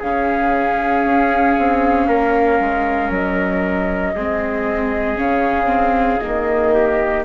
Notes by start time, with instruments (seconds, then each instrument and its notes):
0.00 bassoon C#3, viola C#4, trumpet G#4, flute F5
1.05 bassoon C#4
1.59 bassoon C4
2.08 bassoon A#3, trumpet A#4
2.60 bassoon G#3
3.10 bassoon F#3, flute D#5
4.16 bassoon G#3, viola C4, trumpet G#4
5.17 bassoon C#3, viola C#4, flute F5
5.67 viola C4
6.20 bassoon D#3, viola A#3, flute D#5
6.74 trumpet G4